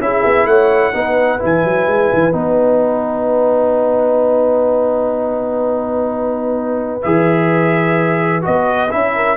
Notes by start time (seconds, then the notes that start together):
0.00 C#4 E4 G#4 E5
0.25 B3
0.46 A3 C#5 F#5
0.93 B3 D#4 B4
1.39 E3 E4 G#5
1.64 F#3
1.87 G#3
2.13 E3
2.32 B3 D#4 F#5
7.02 E3 G#4 E5
8.42 B3 F#4 D#5
8.90 C#4 E4 E5
9.15 A#4